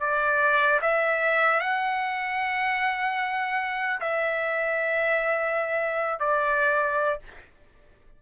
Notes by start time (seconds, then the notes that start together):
0.00 D5
0.82 E5
1.60 F#5
4.00 E5
6.19 D5